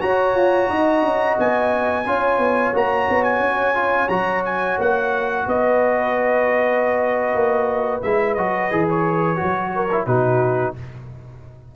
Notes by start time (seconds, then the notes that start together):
0.00 F#4 C#5 A#5
0.35 F4
0.69 D#4 D#5
1.02 C#4
1.39 B3 G#5
2.07 C#4 F4 C#5
2.38 B3
2.74 A#3 F#4 A#5
3.09 B3
3.23 G#5
3.39 C#4
3.75 F4
4.09 F#3 F#4 A#5
4.45 G#5
4.78 A#3 F#5
5.46 B3 B4 D#5
7.34 A#3
8.02 G#3 E4 E5
8.34 F#3 F#4 D#5
8.71 E3 G#4
8.90 C#5
9.36 F#3 F#4
9.76 A#4
9.92 E4
10.06 B2 D#4 F#4 B4